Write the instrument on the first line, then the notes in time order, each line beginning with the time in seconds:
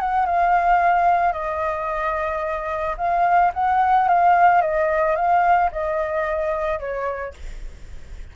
flute
0.00 F#5
0.26 F5
1.33 D#5
2.97 F5
3.54 F#5
4.08 F5
4.61 D#5
5.16 F5
5.72 D#5
6.79 C#5